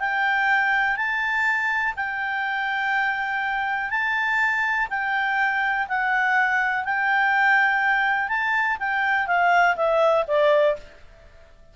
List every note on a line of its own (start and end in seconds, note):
0.00 0.97 G5
0.97 1.95 A5
1.96 3.91 G5
3.91 4.88 A5
4.90 5.88 G5
5.88 6.85 F#5
6.85 8.29 G5
8.29 8.78 A5
8.80 9.27 G5
9.27 9.76 F5
9.76 10.25 E5
10.28 10.76 D5